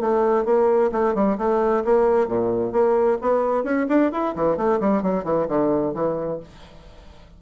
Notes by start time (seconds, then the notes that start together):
0.00 A3
0.45 A#3
0.92 A3
1.15 G3
1.38 A3
1.85 A#3
2.28 A#2
2.72 A#3
3.21 B3
3.64 C#4
3.89 D4
4.12 E4
4.35 E3
4.57 A3
4.80 G3
5.03 F#3
5.24 E3
5.48 D3
5.94 E3